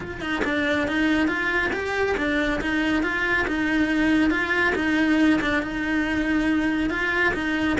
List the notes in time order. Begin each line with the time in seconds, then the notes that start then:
0.00 F4
0.20 D#4
0.44 D4
0.87 D#4
1.27 F4
1.72 G4
2.17 D4
2.61 D#4
3.02 F4
3.47 D#4
4.30 F4
4.75 D#4
5.41 D4
5.62 D#4
6.89 F4
7.34 D#4